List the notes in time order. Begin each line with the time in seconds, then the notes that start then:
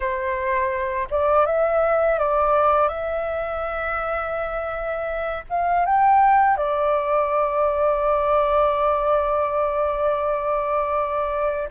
0.00 C5
1.10 D5
1.46 E5
2.19 D5
2.88 E5
5.49 F5
5.85 G5
6.57 D5